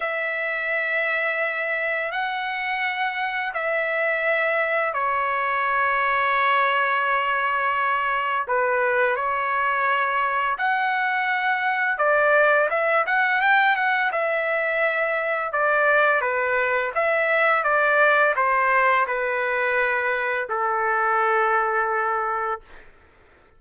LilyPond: \new Staff \with { instrumentName = "trumpet" } { \time 4/4 \tempo 4 = 85 e''2. fis''4~ | fis''4 e''2 cis''4~ | cis''1 | b'4 cis''2 fis''4~ |
fis''4 d''4 e''8 fis''8 g''8 fis''8 | e''2 d''4 b'4 | e''4 d''4 c''4 b'4~ | b'4 a'2. | }